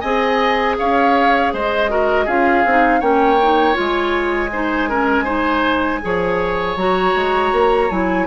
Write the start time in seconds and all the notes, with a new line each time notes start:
0.00 C4 G#4 D#5 G#5
0.78 C#4 C#5 F5
1.53 G#3 C5 D#5
1.88 F#4 A#4
2.25 C#4 F4 G#4 F5
2.65 C4 D#4
3.00 A#3 C#4 C#5 G5
3.42 D#4
3.73 G#3 F4
3.81 G#5
4.52 D#4 C5
4.89 C#4 A#4
5.24 D#4 C5
6.01 F3 G#4 C#5
6.76 F#3 F#4 A#5
7.15 G#3
7.52 A#3
7.90 F#3 E4 G#5